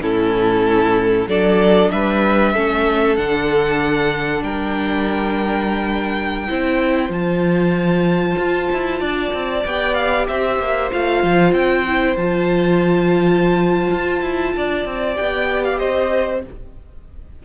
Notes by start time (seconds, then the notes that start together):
0.00 A2 C#4 E4 A4
1.26 F#3 D4 A4 D5
1.90 G3 B4 E5
2.53 A3 C#4 A4
3.16 D3 D4 F#5
4.42 G3 A#4 G5
6.47 C4 E4 C5
7.09 F3 F4 A5
8.37 F4
8.72 E4
9.00 D4 D5
9.33 C4
9.65 B3 G4 G5
9.94 F5
10.27 C4 C5 E5
10.59 A#3
10.91 A3 F4 F5
11.23 F3
11.52 C4 G5
11.86 E4
12.16 F3 F4 A5
13.91 F4
14.21 E4
14.56 D4 D5
14.85 C4
15.14 B3 G4 G5
15.64 F5
15.78 C4 C5 D#5